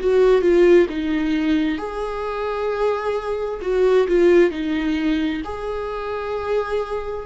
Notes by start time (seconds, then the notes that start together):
0.00 F#4
0.42 F4
0.90 D#4
1.79 G#4
3.62 F#4
4.08 F4
4.51 D#4
5.45 G#4